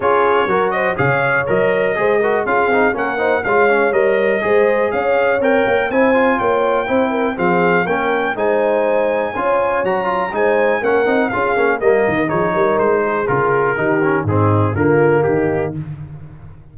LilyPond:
<<
  \new Staff \with { instrumentName = "trumpet" } { \time 4/4 \tempo 4 = 122 cis''4. dis''8 f''4 dis''4~ | dis''4 f''4 fis''4 f''4 | dis''2 f''4 g''4 | gis''4 g''2 f''4 |
g''4 gis''2. | ais''4 gis''4 fis''4 f''4 | dis''4 cis''4 c''4 ais'4~ | ais'4 gis'4 ais'4 g'4 | }
  \new Staff \with { instrumentName = "horn" } { \time 4/4 gis'4 ais'8 c''8 cis''2 | c''8 ais'8 gis'4 ais'8 c''8 cis''4~ | cis''4 c''4 cis''2 | c''4 cis''4 c''8 ais'8 gis'4 |
ais'4 c''2 cis''4~ | cis''4 c''4 ais'4 gis'4 | ais'4 gis'8 ais'4 gis'4. | g'4 dis'4 f'4 dis'4 | }
  \new Staff \with { instrumentName = "trombone" } { \time 4/4 f'4 fis'4 gis'4 ais'4 | gis'8 fis'8 f'8 dis'8 cis'8 dis'8 f'8 cis'8 | ais'4 gis'2 ais'4 | e'8 f'4. e'4 c'4 |
cis'4 dis'2 f'4 | fis'8 f'8 dis'4 cis'8 dis'8 f'8 cis'8 | ais4 dis'2 f'4 | dis'8 cis'8 c'4 ais2 | }
  \new Staff \with { instrumentName = "tuba" } { \time 4/4 cis'4 fis4 cis4 fis4 | gis4 cis'8 c'8 ais4 gis4 | g4 gis4 cis'4 c'8 ais8 | c'4 ais4 c'4 f4 |
ais4 gis2 cis'4 | fis4 gis4 ais8 c'8 cis'8 ais8 | g8 dis8 f8 g8 gis4 cis4 | dis4 gis,4 d4 dis4 | }
>>